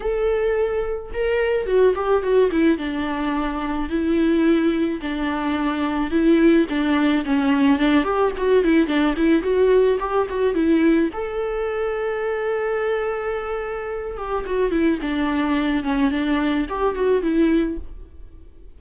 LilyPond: \new Staff \with { instrumentName = "viola" } { \time 4/4 \tempo 4 = 108 a'2 ais'4 fis'8 g'8 | fis'8 e'8 d'2 e'4~ | e'4 d'2 e'4 | d'4 cis'4 d'8 g'8 fis'8 e'8 |
d'8 e'8 fis'4 g'8 fis'8 e'4 | a'1~ | a'4. g'8 fis'8 e'8 d'4~ | d'8 cis'8 d'4 g'8 fis'8 e'4 | }